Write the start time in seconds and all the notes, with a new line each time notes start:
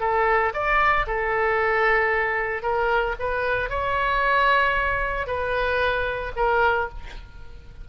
0.00 A4
0.53 D5
1.07 A4
2.62 A#4
3.19 B4
3.69 C#5
5.27 B4
6.36 A#4